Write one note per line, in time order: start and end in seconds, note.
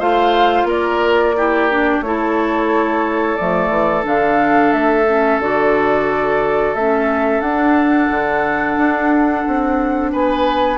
0.00 0.64 A3
0.00 1.35 F4
0.00 0.67 C5
0.00 0.68 F5
0.64 1.99 A#3
0.64 1.35 A#4
0.64 2.03 D5
1.37 1.71 E4
1.37 2.05 G4
1.71 2.04 D4
2.01 3.36 A3
2.01 3.39 E4
2.01 10.12 A4
2.01 3.37 C#5
3.37 3.70 F3
3.37 4.04 A3
3.37 4.04 D5
3.70 4.03 E3
4.04 4.73 D3
4.04 5.05 D4
4.04 4.73 F5
4.73 5.39 A3
4.73 5.40 E5
5.09 5.42 C#4
5.39 6.74 D3
5.39 6.77 F#4
5.39 6.75 D5
6.75 7.41 A3
6.75 7.45 C#4
6.75 7.41 E5
7.41 8.08 D4
7.41 10.78 D4
7.41 10.11 F#5
8.11 8.78 D3
8.78 9.45 D4
9.47 10.14 C4
10.12 10.78 B3
10.12 10.78 B4
10.12 10.78 G#5